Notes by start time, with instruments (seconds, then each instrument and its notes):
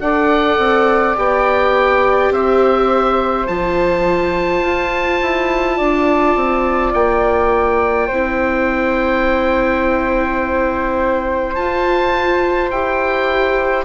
0.00 bassoon D4, viola A4, flute D5, oboe F#5
0.58 bassoon C4
1.15 bassoon B3, viola G4, oboe G5
2.30 bassoon C4, flute C5, oboe E5
3.47 bassoon F3, viola F4, oboe A5
4.62 bassoon F4
5.22 bassoon E4
5.76 bassoon D4, flute D5
6.36 bassoon C4
6.94 bassoon A#3, oboe G5
8.07 bassoon C4, viola E4, flute C5
11.55 bassoon F4, viola F4, oboe A5
12.70 bassoon E4, viola G4, oboe G5